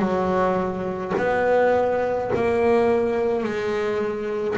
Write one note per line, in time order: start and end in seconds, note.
0.00 1.13 F#3
1.18 2.31 B3
2.35 3.44 A#3
3.44 4.57 G#3